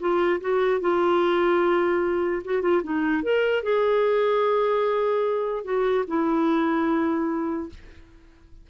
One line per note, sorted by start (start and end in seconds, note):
0.00 0.41 F4
0.41 0.81 F#4
0.81 2.43 F4
2.45 2.62 F#4
2.62 2.82 F4
2.83 3.23 D#4
3.23 3.63 A#4
3.63 5.64 G#4
5.64 6.05 F#4
6.08 7.70 E4